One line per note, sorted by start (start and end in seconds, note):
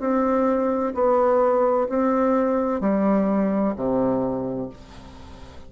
0.00 0.94 C4
0.95 1.88 B3
1.89 2.81 C4
2.81 3.75 G3
3.76 4.70 C3